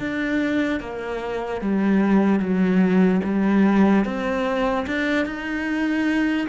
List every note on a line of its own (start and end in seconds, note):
0.00 0.80 D4
0.80 1.61 A#3
1.61 2.40 G3
2.40 3.21 F#3
3.24 4.05 G3
4.05 4.86 C4
4.87 5.26 D4
5.26 6.48 D#4